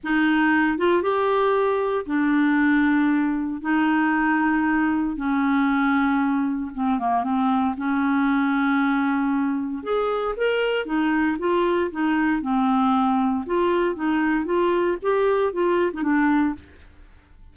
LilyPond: \new Staff \with { instrumentName = "clarinet" } { \time 4/4 \tempo 4 = 116 dis'4. f'8 g'2 | d'2. dis'4~ | dis'2 cis'2~ | cis'4 c'8 ais8 c'4 cis'4~ |
cis'2. gis'4 | ais'4 dis'4 f'4 dis'4 | c'2 f'4 dis'4 | f'4 g'4 f'8. dis'16 d'4 | }